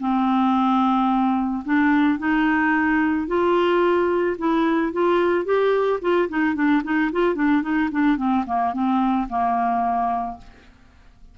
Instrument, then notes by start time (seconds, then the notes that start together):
clarinet
0.00 C4
1.65 D4
2.19 D#4
3.28 F4
4.38 E4
4.92 F4
5.45 G4
6.01 F4
6.29 D#4
6.55 D4
6.84 D#4
7.12 F4
7.35 D4
7.62 D#4
7.91 D4
8.17 C4
8.46 A#3
8.73 C4
9.29 A#3